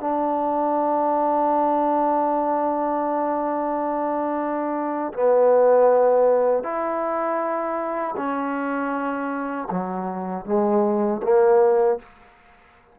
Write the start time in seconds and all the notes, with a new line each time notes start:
0.00 D4
5.13 B3
6.63 E4
8.16 C#4
9.70 F#3
10.45 G#3
11.23 A#3